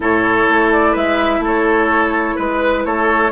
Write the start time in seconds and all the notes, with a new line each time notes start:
0.00 A2 E4 A4 C#5
0.49 A3
0.72 D5
0.92 G#3 B4 E5
1.39 A3 A4
1.46 C#5
2.35 G#3 B4
2.85 A3 A4 C#5